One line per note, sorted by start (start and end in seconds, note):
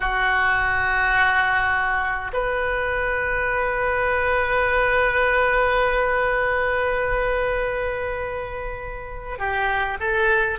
0.00 2.32 F#4
2.33 9.39 B4
9.39 9.97 G4
9.99 10.58 A4